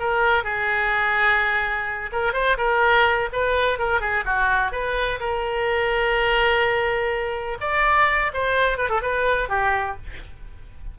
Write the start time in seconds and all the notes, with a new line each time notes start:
0.00 A#4
0.44 G#4
2.12 A#4
2.33 C5
2.58 A#4
3.33 B4
3.79 A#4
4.01 G#4
4.25 F#4
4.72 B4
5.20 A#4
7.61 D5
8.33 C5
8.78 B4
8.90 A4
9.02 B4
9.49 G4